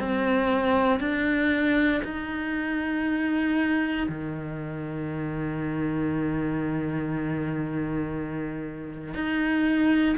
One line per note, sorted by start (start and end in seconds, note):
0.00 1.01 C4
1.01 2.02 D4
2.04 4.08 D#4
4.09 9.14 D#3
9.14 10.16 D#4